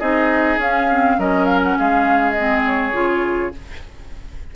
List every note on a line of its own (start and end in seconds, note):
0.00 0.58 C4
0.00 0.60 D#4
0.00 1.18 G#4
0.00 0.59 D#5
0.58 1.17 C#4
0.58 0.90 C#4
0.58 1.20 F5
0.91 1.19 C4
1.19 1.77 F#3
1.19 2.37 C#4
1.19 1.78 A#4
1.19 1.45 D#5
1.45 1.60 F5
1.63 1.78 F#5
1.79 2.94 G#3
1.79 3.56 G#4
1.79 2.32 F5
2.32 2.93 C4
2.32 2.61 D#5
2.67 3.55 C#5
2.93 3.52 C#3
2.93 3.52 F4